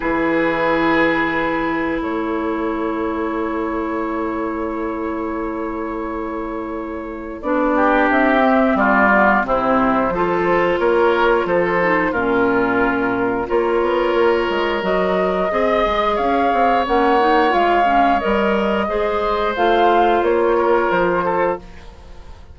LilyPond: <<
  \new Staff \with { instrumentName = "flute" } { \time 4/4 \tempo 4 = 89 b'2. cis''4~ | cis''1~ | cis''2. d''4 | e''4 d''4 c''2 |
cis''4 c''4 ais'2 | cis''2 dis''2 | f''4 fis''4 f''4 dis''4~ | dis''4 f''4 cis''4 c''4 | }
  \new Staff \with { instrumentName = "oboe" } { \time 4/4 gis'2. a'4~ | a'1~ | a'2.~ a'8 g'8~ | g'4 f'4 e'4 a'4 |
ais'4 a'4 f'2 | ais'2. dis''4 | cis''1 | c''2~ c''8 ais'4 a'8 | }
  \new Staff \with { instrumentName = "clarinet" } { \time 4/4 e'1~ | e'1~ | e'2. d'4~ | d'8 c'4 b8 c'4 f'4~ |
f'4. dis'8 cis'2 | f'2 fis'4 gis'4~ | gis'4 cis'8 dis'8 f'8 cis'8 ais'4 | gis'4 f'2. | }
  \new Staff \with { instrumentName = "bassoon" } { \time 4/4 e2. a4~ | a1~ | a2. b4 | c'4 g4 c4 f4 |
ais4 f4 ais,2 | ais8 b8 ais8 gis8 fis4 c'8 gis8 | cis'8 c'8 ais4 gis4 g4 | gis4 a4 ais4 f4 | }
>>